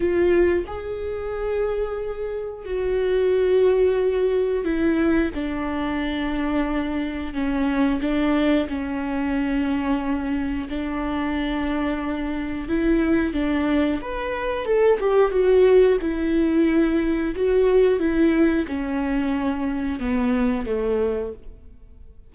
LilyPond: \new Staff \with { instrumentName = "viola" } { \time 4/4 \tempo 4 = 90 f'4 gis'2. | fis'2. e'4 | d'2. cis'4 | d'4 cis'2. |
d'2. e'4 | d'4 b'4 a'8 g'8 fis'4 | e'2 fis'4 e'4 | cis'2 b4 a4 | }